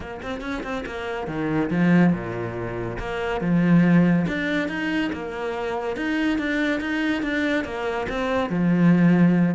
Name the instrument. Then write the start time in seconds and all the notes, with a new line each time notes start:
cello
0.00 A#3
0.22 C4
0.41 C#4
0.63 C4
0.86 A#3
1.27 D#3
1.70 F3
2.12 A#2
2.98 A#3
3.40 F3
4.27 D4
4.68 D#4
5.12 A#3
5.96 D#4
6.38 D4
6.80 D#4
7.22 D4
7.64 A#3
8.09 C4
8.49 F3